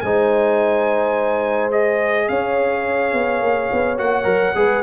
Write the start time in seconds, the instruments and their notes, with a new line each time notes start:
0.00 tuba G#3, trombone D#4, horn C5, trumpet G#5
1.71 trombone G#4, trumpet D#5
2.28 tuba C#4, horn C#5, trumpet F5
3.13 tuba B3
3.41 tuba A#3
3.72 tuba B3
3.97 tuba A#3, trombone F#4, trumpet F#5
4.23 tuba F#3, trombone A#4
4.55 tuba G#3, trombone G#4, horn B4